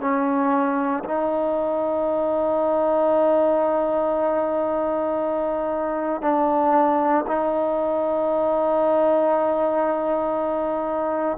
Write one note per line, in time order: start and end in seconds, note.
0.00 1.03 C#4
1.04 6.21 D#4
6.21 7.25 D4
7.27 11.37 D#4